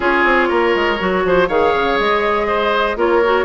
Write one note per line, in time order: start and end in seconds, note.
0.00 0.24 C#4
0.00 0.98 F4
0.00 0.49 G#4
0.00 1.48 C#5
0.24 0.49 C4
0.49 0.74 A#3
0.49 1.23 A#4
0.74 0.99 G#3
0.99 1.24 F#3
0.99 1.48 F#4
1.24 1.49 F3
1.24 1.48 C5
1.48 1.73 D#3
1.48 2.97 G#4
1.48 2.47 C#5
1.48 1.98 F5
1.74 1.99 C#3
1.99 2.96 G#3
1.99 2.98 D#5
2.47 2.96 C5
2.96 3.45 A#3
2.96 3.21 F4
2.96 3.45 A#4
2.96 3.45 C#5
3.24 3.45 F#4